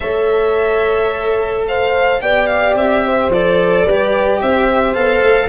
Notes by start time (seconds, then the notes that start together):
0.00 A3 A4 C#5 E5
1.67 C5 F5
2.20 B3 G4 D5 G5
2.46 F5
2.74 C4 E5
3.05 C5
3.29 F3 A4 D5
3.84 G3 G4 B4
4.41 C4 C5 E5
4.94 B3 A4 F5
5.21 A3